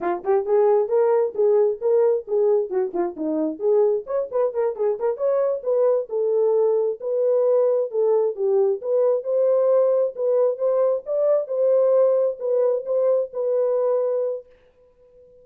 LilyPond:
\new Staff \with { instrumentName = "horn" } { \time 4/4 \tempo 4 = 133 f'8 g'8 gis'4 ais'4 gis'4 | ais'4 gis'4 fis'8 f'8 dis'4 | gis'4 cis''8 b'8 ais'8 gis'8 ais'8 cis''8~ | cis''8 b'4 a'2 b'8~ |
b'4. a'4 g'4 b'8~ | b'8 c''2 b'4 c''8~ | c''8 d''4 c''2 b'8~ | b'8 c''4 b'2~ b'8 | }